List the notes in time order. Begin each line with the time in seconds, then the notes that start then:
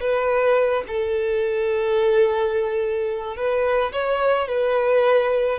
0.00 B4
0.87 A4
3.36 B4
3.92 C#5
4.48 B4